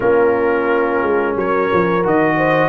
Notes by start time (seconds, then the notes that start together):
0.00 A#3 C#4 F4 A#4
1.01 G#3
1.35 F#3 A#4 C#5
1.72 F3
2.03 D#3 F#4 D#5
2.36 C5